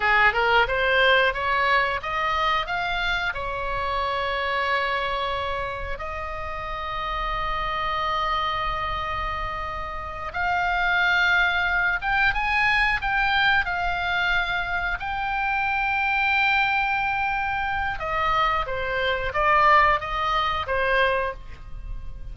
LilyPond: \new Staff \with { instrumentName = "oboe" } { \time 4/4 \tempo 4 = 90 gis'8 ais'8 c''4 cis''4 dis''4 | f''4 cis''2.~ | cis''4 dis''2.~ | dis''2.~ dis''8 f''8~ |
f''2 g''8 gis''4 g''8~ | g''8 f''2 g''4.~ | g''2. dis''4 | c''4 d''4 dis''4 c''4 | }